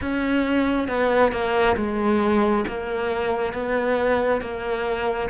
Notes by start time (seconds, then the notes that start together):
0.01 C#4
0.87 B3
1.32 A#3
1.76 G#3
2.67 A#3
3.53 B3
4.41 A#3